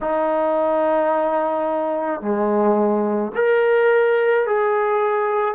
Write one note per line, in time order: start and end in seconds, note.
0.00 2.21 D#4
2.21 3.32 G#3
3.35 4.46 A#4
4.46 5.54 G#4